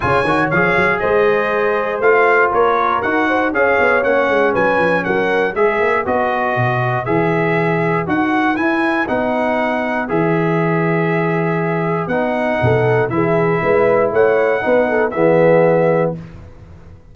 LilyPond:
<<
  \new Staff \with { instrumentName = "trumpet" } { \time 4/4 \tempo 4 = 119 gis''4 f''4 dis''2 | f''4 cis''4 fis''4 f''4 | fis''4 gis''4 fis''4 e''4 | dis''2 e''2 |
fis''4 gis''4 fis''2 | e''1 | fis''2 e''2 | fis''2 e''2 | }
  \new Staff \with { instrumentName = "horn" } { \time 4/4 cis''2 c''2~ | c''4 ais'4. c''8 cis''4~ | cis''4 b'4 ais'4 b'4~ | b'1~ |
b'1~ | b'1~ | b'4 a'4 gis'4 b'4 | cis''4 b'8 a'8 gis'2 | }
  \new Staff \with { instrumentName = "trombone" } { \time 4/4 f'8 fis'8 gis'2. | f'2 fis'4 gis'4 | cis'2. gis'4 | fis'2 gis'2 |
fis'4 e'4 dis'2 | gis'1 | dis'2 e'2~ | e'4 dis'4 b2 | }
  \new Staff \with { instrumentName = "tuba" } { \time 4/4 cis8 dis8 f8 fis8 gis2 | a4 ais4 dis'4 cis'8 b8 | ais8 gis8 fis8 f8 fis4 gis8 ais8 | b4 b,4 e2 |
dis'4 e'4 b2 | e1 | b4 b,4 e4 gis4 | a4 b4 e2 | }
>>